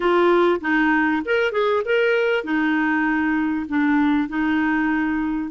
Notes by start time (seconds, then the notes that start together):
0.00 F4
0.61 D#4
1.25 A#4
1.52 G#4
1.85 A#4
2.44 D#4
3.68 D4
4.29 D#4